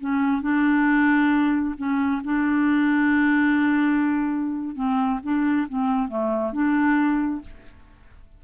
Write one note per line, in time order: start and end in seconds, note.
0.00 0.41 C#4
0.41 1.75 D4
1.77 2.22 C#4
2.24 4.75 D4
4.75 5.20 C4
5.23 5.67 D4
5.68 6.08 C4
6.08 6.52 A3
6.52 7.41 D4